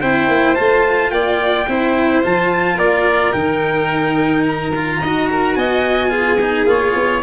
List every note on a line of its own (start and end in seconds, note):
0.00 0.28 C4
0.00 0.55 E4
0.00 1.11 C5
0.00 0.55 G5
0.28 0.56 A#3
0.55 1.11 A3
0.55 1.66 F4
0.55 1.10 A5
1.11 1.66 A#3
1.11 1.68 D5
1.11 2.22 G5
1.67 2.23 C4
1.67 2.23 E4
1.67 2.75 C5
2.23 2.77 F3
2.23 3.33 F4
2.23 2.78 A5
2.75 3.33 A#3
2.75 4.97 A#4
2.75 3.32 D5
3.32 5.01 D#3
3.32 4.71 D#4
3.32 4.44 G5
4.47 5.55 A#5
4.75 5.03 F4
5.01 5.56 D#4
5.01 6.10 F#4
5.01 5.29 D#5
5.31 5.58 A#4
5.55 6.65 B3
5.55 6.10 D#5
5.55 6.66 G#5
6.10 6.38 F4
6.10 7.21 G#4
6.41 6.66 D#4
6.65 6.93 A#3
6.65 7.21 F4
6.65 7.23 C#5
6.95 7.22 B3